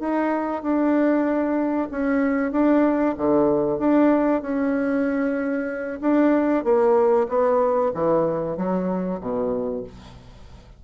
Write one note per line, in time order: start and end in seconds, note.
0.00 0.63 D#4
0.63 1.89 D4
1.91 2.52 C#4
2.52 3.15 D4
3.18 3.79 D3
3.79 4.42 D4
4.42 6.00 C#4
6.01 6.64 D4
6.64 7.27 A#3
7.29 7.92 B3
7.94 8.57 E3
8.57 9.20 F#3
9.21 9.84 B2